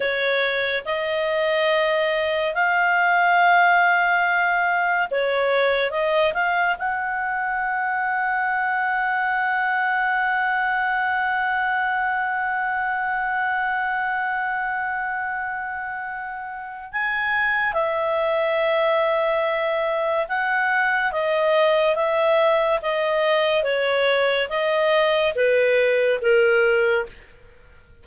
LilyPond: \new Staff \with { instrumentName = "clarinet" } { \time 4/4 \tempo 4 = 71 cis''4 dis''2 f''4~ | f''2 cis''4 dis''8 f''8 | fis''1~ | fis''1~ |
fis''1 | gis''4 e''2. | fis''4 dis''4 e''4 dis''4 | cis''4 dis''4 b'4 ais'4 | }